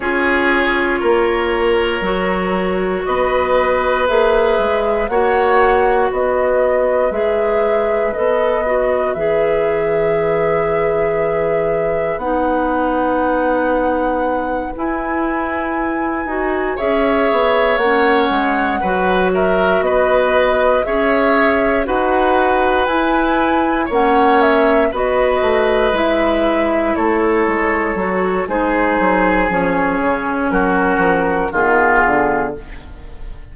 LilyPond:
<<
  \new Staff \with { instrumentName = "flute" } { \time 4/4 \tempo 4 = 59 cis''2. dis''4 | e''4 fis''4 dis''4 e''4 | dis''4 e''2. | fis''2~ fis''8 gis''4.~ |
gis''8 e''4 fis''4. e''8 dis''8~ | dis''8 e''4 fis''4 gis''4 fis''8 | e''8 dis''4 e''4 cis''4. | c''4 cis''4 ais'4 gis'4 | }
  \new Staff \with { instrumentName = "oboe" } { \time 4/4 gis'4 ais'2 b'4~ | b'4 cis''4 b'2~ | b'1~ | b'1~ |
b'8 cis''2 b'8 ais'8 b'8~ | b'8 cis''4 b'2 cis''8~ | cis''8 b'2 a'4. | gis'2 fis'4 f'4 | }
  \new Staff \with { instrumentName = "clarinet" } { \time 4/4 f'2 fis'2 | gis'4 fis'2 gis'4 | a'8 fis'8 gis'2. | dis'2~ dis'8 e'4. |
fis'8 gis'4 cis'4 fis'4.~ | fis'8 gis'4 fis'4 e'4 cis'8~ | cis'8 fis'4 e'2 fis'8 | dis'4 cis'2 b4 | }
  \new Staff \with { instrumentName = "bassoon" } { \time 4/4 cis'4 ais4 fis4 b4 | ais8 gis8 ais4 b4 gis4 | b4 e2. | b2~ b8 e'4. |
dis'8 cis'8 b8 ais8 gis8 fis4 b8~ | b8 cis'4 dis'4 e'4 ais8~ | ais8 b8 a8 gis4 a8 gis8 fis8 | gis8 fis8 f8 cis8 fis8 f8 dis8 d8 | }
>>